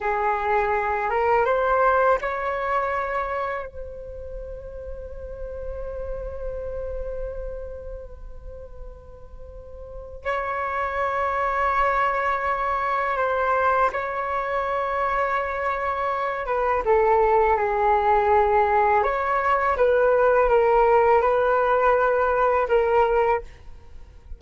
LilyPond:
\new Staff \with { instrumentName = "flute" } { \time 4/4 \tempo 4 = 82 gis'4. ais'8 c''4 cis''4~ | cis''4 c''2.~ | c''1~ | c''2 cis''2~ |
cis''2 c''4 cis''4~ | cis''2~ cis''8 b'8 a'4 | gis'2 cis''4 b'4 | ais'4 b'2 ais'4 | }